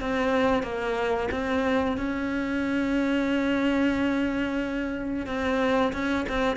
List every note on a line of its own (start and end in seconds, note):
0.00 0.62 C4
0.62 1.28 A#3
1.31 1.97 C4
1.97 5.26 C#4
5.26 5.92 C4
5.92 6.25 C#4
6.28 6.56 C4